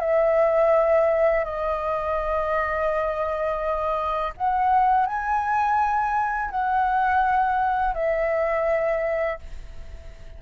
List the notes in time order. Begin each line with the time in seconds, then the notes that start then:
0.00 E5
1.45 D#5
4.37 F#5
5.06 G#5
6.51 F#5
7.94 E5